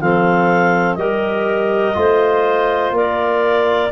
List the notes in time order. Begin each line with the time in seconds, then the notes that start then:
0.00 F3 C4 A4 F5
0.94 G3 G4 A#4 D#5
1.94 A3 F4 C5
2.91 A#3 A#4 D5